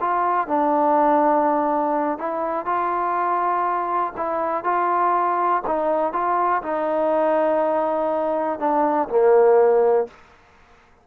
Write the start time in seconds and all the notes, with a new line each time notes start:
0.00 F4
0.47 D4
2.18 E4
2.65 F4
4.16 E4
4.63 F4
5.66 D#4
6.12 F4
6.62 D#4
8.59 D4
9.08 A#3